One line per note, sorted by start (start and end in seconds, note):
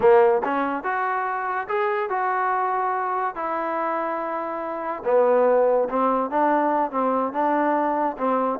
0.00 0.42 A#3
0.44 0.83 C#4
0.83 1.67 F#4
1.68 2.09 G#4
2.09 3.35 F#4
3.35 5.03 E4
5.04 5.88 B3
5.89 6.30 C4
6.30 6.91 D4
6.91 7.32 C4
7.32 8.16 D4
8.17 8.59 C4